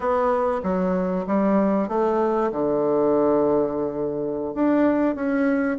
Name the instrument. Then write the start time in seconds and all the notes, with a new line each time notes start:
bassoon
0.00 B3
0.62 F#3
1.26 G3
1.88 A3
2.51 D3
4.54 D4
5.15 C#4